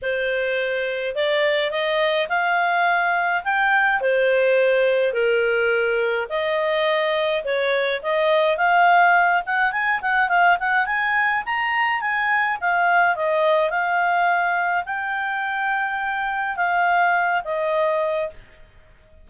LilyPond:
\new Staff \with { instrumentName = "clarinet" } { \time 4/4 \tempo 4 = 105 c''2 d''4 dis''4 | f''2 g''4 c''4~ | c''4 ais'2 dis''4~ | dis''4 cis''4 dis''4 f''4~ |
f''8 fis''8 gis''8 fis''8 f''8 fis''8 gis''4 | ais''4 gis''4 f''4 dis''4 | f''2 g''2~ | g''4 f''4. dis''4. | }